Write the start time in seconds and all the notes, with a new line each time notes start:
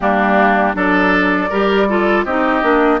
0.00 G3 A#3 D4 G4
0.73 F#3 D4 A4 D5
1.49 G3 G4 A#4
1.88 F4 A4
2.24 C4 D#4 G4 D#5
2.61 A#3 D4